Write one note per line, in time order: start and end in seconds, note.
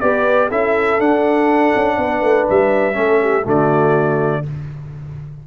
0.00 0.51 B3
0.00 0.50 G4
0.00 0.48 B4
0.00 0.49 D5
0.48 1.00 C#4
0.48 0.99 E4
0.48 1.96 A4
0.48 1.00 E5
0.99 2.93 D4
0.99 1.73 D4
0.99 2.48 F#5
1.75 1.98 C#4
1.98 2.22 B3
1.98 2.96 B4
2.22 2.46 A3
2.49 2.97 G3
2.49 3.48 E5
2.93 3.46 A3
2.93 3.42 C#4
2.93 3.21 A4
3.21 3.44 G4
3.44 4.44 D3
3.44 4.43 A3
3.44 4.43 F#4
3.44 4.47 D5